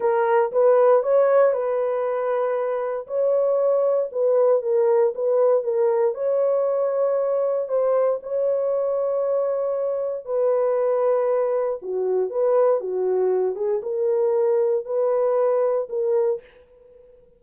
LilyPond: \new Staff \with { instrumentName = "horn" } { \time 4/4 \tempo 4 = 117 ais'4 b'4 cis''4 b'4~ | b'2 cis''2 | b'4 ais'4 b'4 ais'4 | cis''2. c''4 |
cis''1 | b'2. fis'4 | b'4 fis'4. gis'8 ais'4~ | ais'4 b'2 ais'4 | }